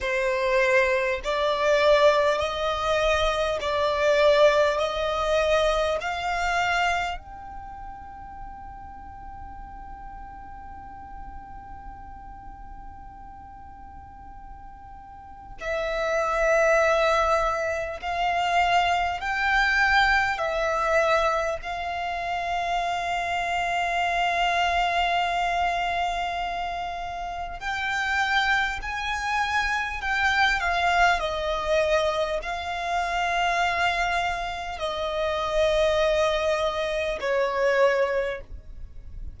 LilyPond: \new Staff \with { instrumentName = "violin" } { \time 4/4 \tempo 4 = 50 c''4 d''4 dis''4 d''4 | dis''4 f''4 g''2~ | g''1~ | g''4 e''2 f''4 |
g''4 e''4 f''2~ | f''2. g''4 | gis''4 g''8 f''8 dis''4 f''4~ | f''4 dis''2 cis''4 | }